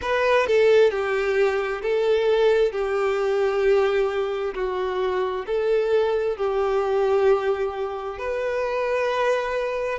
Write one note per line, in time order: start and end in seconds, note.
0.01 0.46 B4
0.46 0.90 A4
0.90 1.81 G4
1.81 2.72 A4
2.72 4.54 G4
4.54 5.45 F#4
5.46 6.36 A4
6.36 8.18 G4
8.18 9.98 B4